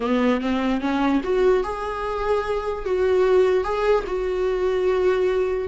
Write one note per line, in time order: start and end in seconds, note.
0.00 0.41 B3
0.41 0.80 C4
0.80 1.21 C#4
1.23 1.63 F#4
1.63 2.85 G#4
2.85 3.64 F#4
3.64 4.04 G#4
4.06 5.68 F#4